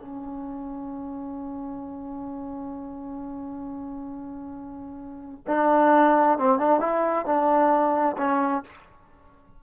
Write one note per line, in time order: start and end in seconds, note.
0.00 5.45 C#4
5.48 6.39 D4
6.39 6.60 C4
6.60 6.81 D4
6.81 7.26 E4
7.26 8.17 D4
8.18 8.64 C#4